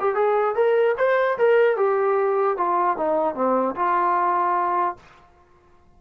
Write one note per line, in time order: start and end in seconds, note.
0.00 0.15 G4
0.15 0.55 G#4
0.55 0.96 A#4
0.98 1.38 C5
1.38 1.77 A#4
1.77 2.57 G4
2.57 2.97 F4
2.97 3.35 D#4
3.35 3.75 C4
3.76 4.96 F4